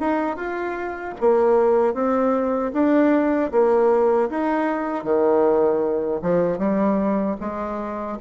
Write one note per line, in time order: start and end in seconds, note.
0.00 0.36 D#4
0.36 1.14 F4
1.20 1.94 A#3
1.94 2.72 C4
2.73 3.51 D4
3.52 4.30 A#3
4.30 5.04 D#4
5.04 6.21 D#3
6.22 6.58 F3
6.58 7.36 G3
7.41 8.19 G#3